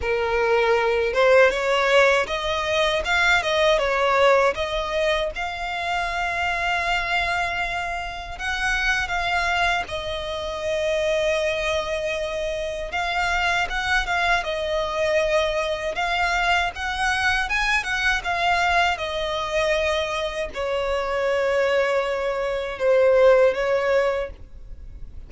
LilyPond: \new Staff \with { instrumentName = "violin" } { \time 4/4 \tempo 4 = 79 ais'4. c''8 cis''4 dis''4 | f''8 dis''8 cis''4 dis''4 f''4~ | f''2. fis''4 | f''4 dis''2.~ |
dis''4 f''4 fis''8 f''8 dis''4~ | dis''4 f''4 fis''4 gis''8 fis''8 | f''4 dis''2 cis''4~ | cis''2 c''4 cis''4 | }